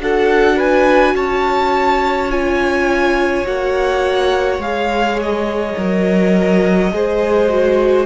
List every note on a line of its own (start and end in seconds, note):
0.00 1.14 D4
0.00 2.31 F#4
0.00 0.56 A4
0.00 0.60 F#5
0.56 1.14 B4
0.56 1.16 G#5
1.14 3.45 C#4
1.14 6.92 C#5
1.14 2.31 A5
2.31 3.45 F4
2.31 3.46 G#5
3.45 4.58 A#3
3.45 4.61 F#4
3.45 4.62 F#5
4.58 5.74 G#3
4.58 5.77 G#4
4.58 5.19 F5
5.22 8.06 D#5
5.77 6.92 F#3
5.77 6.92 A#4
6.92 8.06 G#3
6.92 7.49 G#4
6.92 8.06 C5
7.49 8.06 F#4